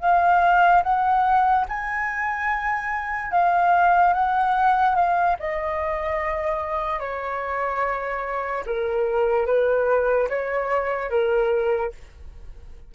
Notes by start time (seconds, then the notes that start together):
0.00 F5
0.83 F#5
1.68 G#5
3.31 F5
4.13 F#5
4.95 F5
5.39 D#5
6.99 C#5
8.66 A#4
9.46 B4
10.29 C#5
11.10 A#4